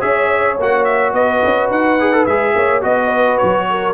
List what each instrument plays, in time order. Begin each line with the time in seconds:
0.00 tuba C#4, trombone G#4, horn C#5, trumpet E5
0.59 tuba A#3, trombone F#4, trumpet F#5
0.84 trumpet E5
1.13 tuba B3, horn B4, trumpet D#5
1.44 tuba C#4
1.70 tuba D#4, trumpet F#5
1.99 trombone G#4
2.12 trombone A4
2.26 tuba G#3, trombone G#4, trumpet E5
2.55 tuba A#3, horn C#5
2.81 tuba B3, trombone F#4, trumpet D#5, horn D#5
3.08 horn B4
3.37 tuba F#3, trumpet C#5
3.69 horn A#4